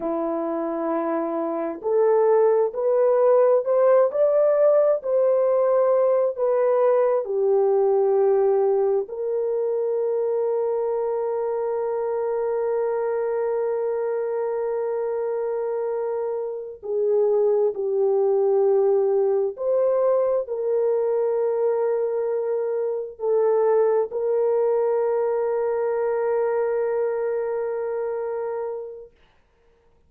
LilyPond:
\new Staff \with { instrumentName = "horn" } { \time 4/4 \tempo 4 = 66 e'2 a'4 b'4 | c''8 d''4 c''4. b'4 | g'2 ais'2~ | ais'1~ |
ais'2~ ais'8 gis'4 g'8~ | g'4. c''4 ais'4.~ | ais'4. a'4 ais'4.~ | ais'1 | }